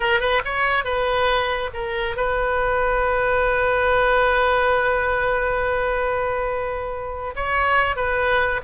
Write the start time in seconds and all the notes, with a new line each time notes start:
0.00 A#4
0.20 B4
0.45 C#5
0.84 B4
1.73 A#4
2.16 B4
7.35 C#5
7.95 B4